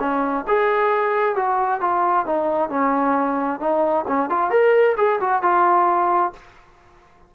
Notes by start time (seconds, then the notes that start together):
0.00 C#4
0.48 G#4
1.36 F#4
1.81 F4
2.27 D#4
2.70 C#4
3.60 D#4
4.08 C#4
4.30 F4
4.51 A#4
4.97 G#4
5.21 F#4
5.43 F4